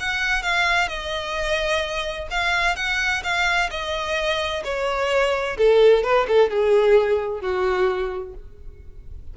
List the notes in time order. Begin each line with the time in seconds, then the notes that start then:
0.00 F#5
0.43 F5
0.89 D#5
2.31 F5
2.76 F#5
3.24 F5
3.71 D#5
4.64 C#5
5.58 A4
6.04 B4
6.28 A4
6.51 G#4
7.41 F#4